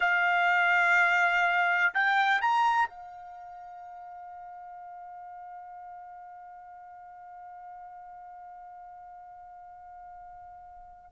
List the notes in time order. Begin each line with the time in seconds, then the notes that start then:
0.00 F5
1.94 G5
2.41 A#5
2.89 F5